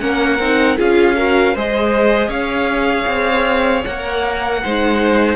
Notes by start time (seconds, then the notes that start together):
0.00 A#3 C#4 A#4 F#5
0.38 C4 D#4
0.77 C#4 F4 G#4 F5
1.16 F#4 A#4
1.54 G#3 G#4 C5 D#5
2.28 C#4 C#5 F5
3.06 C4
3.85 A#3 A#4 F#5
4.62 G#3 D#4 C5